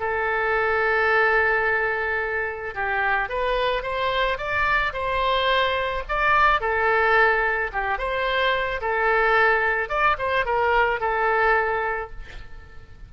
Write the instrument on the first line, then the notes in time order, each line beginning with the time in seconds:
oboe
0.00 A4
2.75 G4
3.29 B4
3.83 C5
4.38 D5
4.93 C5
6.09 D5
6.61 A4
7.73 G4
7.98 C5
8.81 A4
9.89 D5
10.18 C5
10.46 A#4
11.00 A4